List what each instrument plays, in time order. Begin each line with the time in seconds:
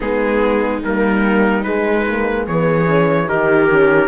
0.00 cello G#3, horn B3, viola D#4, trumpet G#4
0.84 cello G3, horn A#3, trumpet A#4
1.63 horn G#3, cello G#3, trumpet B4
2.08 horn A#3
2.46 cello E3, horn B3, viola G#4, trumpet C#5
2.86 horn C#4
3.26 cello D#3, horn D#4, viola G4, trumpet A#4
3.71 horn C#4